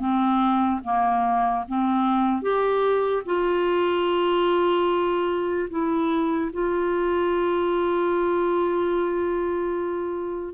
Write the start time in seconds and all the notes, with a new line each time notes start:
0.00 C4
0.84 A#3
1.68 C4
2.42 G4
3.26 F4
5.70 E4
6.53 F4